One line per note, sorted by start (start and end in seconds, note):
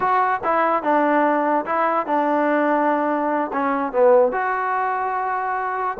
0.00 0.40 F#4
0.43 0.82 E4
0.82 1.65 D4
1.65 2.06 E4
2.06 3.51 D4
3.52 3.92 C#4
3.92 4.32 B3
4.32 5.97 F#4